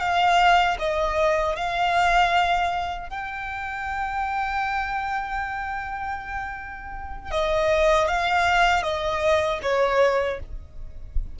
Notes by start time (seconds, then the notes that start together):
0.00 F5
0.79 D#5
1.56 F5
3.09 G5
7.31 D#5
8.08 F5
8.83 D#5
9.62 C#5